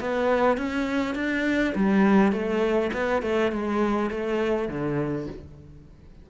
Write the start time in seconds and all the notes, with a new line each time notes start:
0.00 B3
0.57 C#4
1.15 D4
1.75 G3
2.32 A3
2.93 B3
3.22 A3
3.52 G#3
4.10 A3
4.68 D3